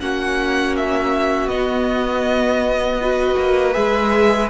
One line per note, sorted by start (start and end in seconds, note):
0.00 1.48 A#3
0.00 1.50 C#4
0.00 3.02 F#4
0.00 0.76 F#5
0.77 1.49 E5
1.48 3.35 B3
1.48 3.02 B3
1.48 3.74 D#5
3.02 3.74 F#4
3.02 4.50 B4
3.39 3.76 A#3
3.74 4.50 G#3
3.74 4.49 G#4
3.74 4.49 E5